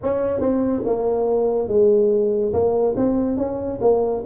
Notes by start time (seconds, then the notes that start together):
0.02 C#4
0.40 C4
0.85 A#3
1.68 G#3
2.53 A#3
2.96 C4
3.37 C#4
3.81 A#3